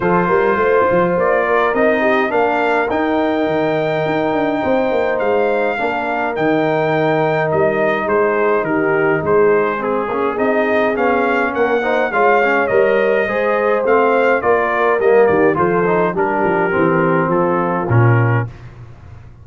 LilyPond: <<
  \new Staff \with { instrumentName = "trumpet" } { \time 4/4 \tempo 4 = 104 c''2 d''4 dis''4 | f''4 g''2.~ | g''4 f''2 g''4~ | g''4 dis''4 c''4 ais'4 |
c''4 gis'4 dis''4 f''4 | fis''4 f''4 dis''2 | f''4 d''4 dis''8 d''8 c''4 | ais'2 a'4 ais'4 | }
  \new Staff \with { instrumentName = "horn" } { \time 4/4 a'8 ais'8 c''4. ais'4 g'8 | ais'1 | c''2 ais'2~ | ais'2 gis'4 g'4 |
gis'1 | ais'8 c''8 cis''2 c''4~ | c''4 ais'4. g'8 a'4 | g'2 f'2 | }
  \new Staff \with { instrumentName = "trombone" } { \time 4/4 f'2. dis'4 | d'4 dis'2.~ | dis'2 d'4 dis'4~ | dis'1~ |
dis'4 c'8 cis'8 dis'4 cis'4~ | cis'8 dis'8 f'8 cis'8 ais'4 gis'4 | c'4 f'4 ais4 f'8 dis'8 | d'4 c'2 cis'4 | }
  \new Staff \with { instrumentName = "tuba" } { \time 4/4 f8 g8 a8 f8 ais4 c'4 | ais4 dis'4 dis4 dis'8 d'8 | c'8 ais8 gis4 ais4 dis4~ | dis4 g4 gis4 dis4 |
gis4. ais8 c'4 b4 | ais4 gis4 g4 gis4 | a4 ais4 g8 dis8 f4 | g8 f8 e4 f4 ais,4 | }
>>